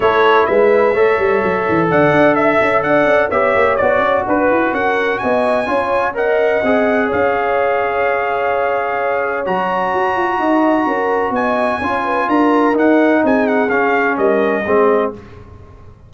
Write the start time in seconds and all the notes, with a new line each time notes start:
0.00 A3 E4 A4 C#5
0.46 G#3 B4 E5
0.94 A3 A4 C#5
1.18 G3
1.43 F#3
1.68 E3
1.90 D3 D5 F#5
2.10 D4
2.34 E5
2.61 C#4
2.82 D4 D5 F#5
3.05 C#4
3.29 B3 G4 C#5 E5
3.55 A#3
3.76 B3 F#4 D5
3.98 C#4
4.26 D4 B4
4.50 E4
4.72 C#4 A#4 F#5
5.18 B3 D#5 G#5
5.65 C#4 F4 C#5
6.13 A#4 D#5 F#5
6.63 C4 G#4
7.06 C#4 C#5 F5
9.45 F#3 F#4 A#5
9.93 F#4
10.16 F4
10.38 D#4 D#5
10.85 C#4 A#4
11.30 B3 D#5 G#5
11.79 C#4 F4 C#5
12.04 B4
12.28 D4 A#4 A#5
12.73 D#4 F#5
13.23 C4 G#4 G#5
13.47 F#5
13.69 C#4 F5
14.17 G3 A#4 D#5
14.66 G#3 C4 G#4